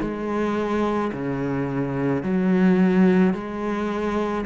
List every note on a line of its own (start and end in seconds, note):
0.00 1.11 G#3
1.12 2.23 C#3
2.23 3.33 F#3
3.33 4.44 G#3